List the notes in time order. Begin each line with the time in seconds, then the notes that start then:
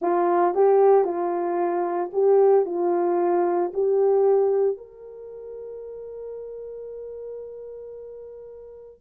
0.01 F4
0.54 G4
1.04 F4
2.12 G4
2.65 F4
3.73 G4
4.77 A#4